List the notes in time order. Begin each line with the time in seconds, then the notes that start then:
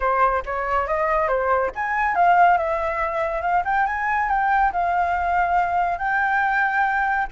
0.00 C5
0.45 C#5
0.87 D#5
1.27 C5
1.75 G#5
2.15 F5
2.57 E5
3.41 F5
3.64 G5
3.86 G#5
4.29 G5
4.72 F5
5.98 G5